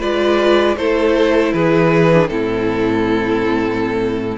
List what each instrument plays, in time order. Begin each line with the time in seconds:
0.00 cello G#3, viola F4, violin B4 D5
0.77 cello A3, viola E4, violin A4 C5
1.53 cello E3, violin G#4 B4
2.14 viola D4
2.28 cello A2, viola C4, violin E4 A4